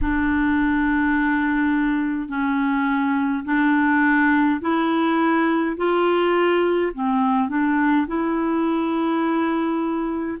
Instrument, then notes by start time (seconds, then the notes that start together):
clarinet
0.01 D4
2.28 C#4
3.45 D4
4.60 E4
5.76 F4
6.93 C4
7.48 D4
8.07 E4